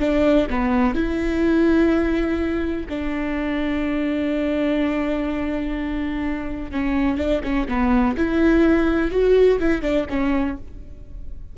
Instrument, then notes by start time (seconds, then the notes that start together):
viola
0.00 D4
0.50 B3
0.95 E4
2.89 D4
6.72 C#4
7.18 D4
7.43 C#4
7.68 B3
8.17 E4
9.11 F#4
9.60 E4
9.82 D4
10.10 C#4